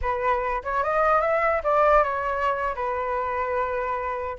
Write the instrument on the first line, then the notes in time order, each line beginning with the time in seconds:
flute
0.01 B4
0.63 C#5
0.83 D#5
1.21 E5
1.63 D5
2.03 C#5
2.75 B4